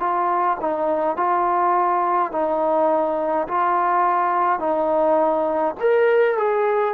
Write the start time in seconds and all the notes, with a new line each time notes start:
0.00 F4
0.61 D#4
1.16 F4
2.32 D#4
3.48 F4
4.59 D#4
5.81 A#4
6.38 G#4